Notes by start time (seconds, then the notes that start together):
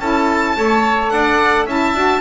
0.00 C#4 E4 A4 A5
0.57 A3 A4 C#5
1.10 D4 D5 F#5
1.66 C#4 E4 E5 A5
1.94 D4 F#4